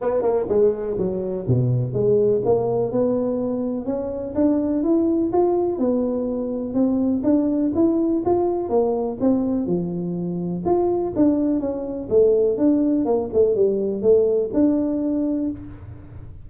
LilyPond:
\new Staff \with { instrumentName = "tuba" } { \time 4/4 \tempo 4 = 124 b8 ais8 gis4 fis4 b,4 | gis4 ais4 b2 | cis'4 d'4 e'4 f'4 | b2 c'4 d'4 |
e'4 f'4 ais4 c'4 | f2 f'4 d'4 | cis'4 a4 d'4 ais8 a8 | g4 a4 d'2 | }